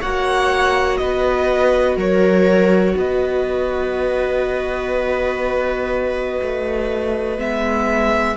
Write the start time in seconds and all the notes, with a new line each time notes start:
0.00 A#3 F#4 C#5 F#5
0.97 B3 B4 D#5
1.97 F#3 A#4 C#5
2.97 B3 B4 D#5
6.42 A3
7.38 G#3 B3 E5